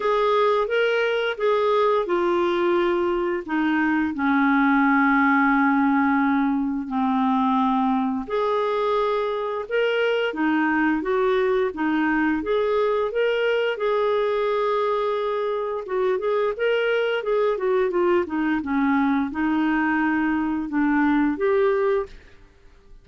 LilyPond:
\new Staff \with { instrumentName = "clarinet" } { \time 4/4 \tempo 4 = 87 gis'4 ais'4 gis'4 f'4~ | f'4 dis'4 cis'2~ | cis'2 c'2 | gis'2 ais'4 dis'4 |
fis'4 dis'4 gis'4 ais'4 | gis'2. fis'8 gis'8 | ais'4 gis'8 fis'8 f'8 dis'8 cis'4 | dis'2 d'4 g'4 | }